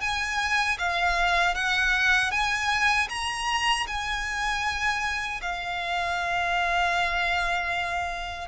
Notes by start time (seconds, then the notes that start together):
0.00 G#5
0.78 F5
1.54 F#5
2.31 G#5
3.09 A#5
3.87 G#5
5.41 F5